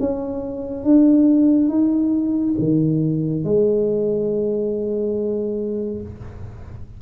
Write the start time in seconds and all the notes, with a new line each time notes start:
0.00 C#4
0.84 D4
1.69 D#4
2.59 D#3
3.45 G#3